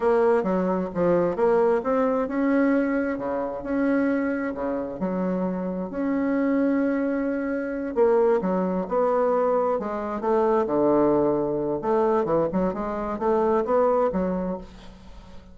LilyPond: \new Staff \with { instrumentName = "bassoon" } { \time 4/4 \tempo 4 = 132 ais4 fis4 f4 ais4 | c'4 cis'2 cis4 | cis'2 cis4 fis4~ | fis4 cis'2.~ |
cis'4. ais4 fis4 b8~ | b4. gis4 a4 d8~ | d2 a4 e8 fis8 | gis4 a4 b4 fis4 | }